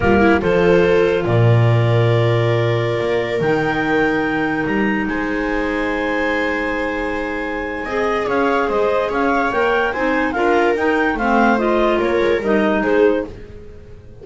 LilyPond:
<<
  \new Staff \with { instrumentName = "clarinet" } { \time 4/4 \tempo 4 = 145 ais'4 c''2 d''4~ | d''1~ | d''16 g''2. ais''8.~ | ais''16 gis''2.~ gis''8.~ |
gis''1 | f''4 dis''4 f''4 g''4 | gis''4 f''4 g''4 f''4 | dis''4 cis''4 dis''4 c''4 | }
  \new Staff \with { instrumentName = "viola" } { \time 4/4 f'8 e'8 a'2 ais'4~ | ais'1~ | ais'1~ | ais'16 c''2.~ c''8.~ |
c''2. dis''4 | cis''4 c''4 cis''2 | c''4 ais'2 c''4~ | c''4 ais'2 gis'4 | }
  \new Staff \with { instrumentName = "clarinet" } { \time 4/4 ais4 f'2.~ | f'1~ | f'16 dis'2.~ dis'8.~ | dis'1~ |
dis'2. gis'4~ | gis'2. ais'4 | dis'4 f'4 dis'4 c'4 | f'2 dis'2 | }
  \new Staff \with { instrumentName = "double bass" } { \time 4/4 g4 f2 ais,4~ | ais,2.~ ais,16 ais8.~ | ais16 dis2. g8.~ | g16 gis2.~ gis8.~ |
gis2. c'4 | cis'4 gis4 cis'4 ais4 | c'4 d'4 dis'4 a4~ | a4 ais8 gis8 g4 gis4 | }
>>